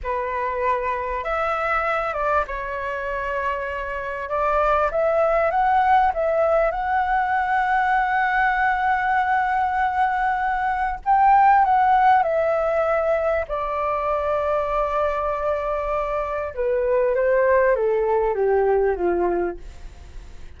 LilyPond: \new Staff \with { instrumentName = "flute" } { \time 4/4 \tempo 4 = 98 b'2 e''4. d''8 | cis''2. d''4 | e''4 fis''4 e''4 fis''4~ | fis''1~ |
fis''2 g''4 fis''4 | e''2 d''2~ | d''2. b'4 | c''4 a'4 g'4 f'4 | }